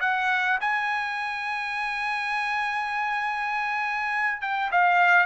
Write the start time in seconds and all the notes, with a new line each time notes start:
0.00 F#5
0.61 G#5
4.41 G5
4.72 F5